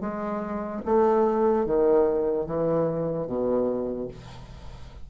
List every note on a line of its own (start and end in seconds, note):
0.00 0.81 G#3
0.85 1.65 A3
1.65 2.46 D#3
2.46 3.27 E3
3.27 4.08 B2